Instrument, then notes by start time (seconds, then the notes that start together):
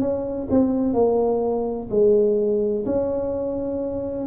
tuba
0.00 C#4
0.51 C4
0.94 A#3
1.90 G#3
2.86 C#4